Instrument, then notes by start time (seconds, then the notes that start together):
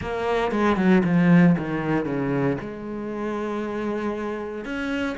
cello
0.01 A#3
0.51 G#3
0.76 F#3
1.04 F3
1.58 D#3
2.05 C#3
2.61 G#3
4.64 C#4